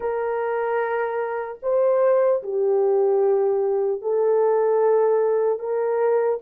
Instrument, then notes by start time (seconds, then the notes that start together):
horn
0.00 A#4
1.62 C5
2.43 G4
4.01 A4
5.59 A#4